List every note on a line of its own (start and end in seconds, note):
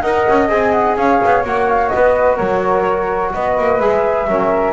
0.00 0.26 D#4
0.00 0.49 A#4
0.00 0.96 D#5
0.00 0.47 F#5
0.28 0.48 C#4
0.48 0.96 C4
0.48 1.43 G#4
0.48 0.71 G#5
0.71 0.95 F#5
0.96 1.20 C#4
0.96 1.93 C#5
0.96 1.44 F5
1.25 1.44 B3
1.44 1.91 A#3
1.44 3.80 F#4
1.44 1.69 F#5
1.69 1.88 F5
1.88 2.39 B3
1.88 2.36 D#5
1.95 2.36 B4
2.36 3.34 F#3
2.36 3.30 A#4
2.36 3.31 C#5
3.33 3.58 B3
3.33 4.29 B4
3.33 3.80 D#5
3.58 3.80 A#3
3.80 4.27 G#3
3.80 4.28 G#4
3.80 4.72 E5
4.27 4.72 F#3
4.27 4.72 C#4
4.27 4.72 A#4